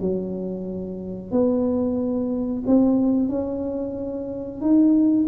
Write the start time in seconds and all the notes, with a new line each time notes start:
0.00 F#3
1.31 B3
2.66 C4
3.29 C#4
4.61 D#4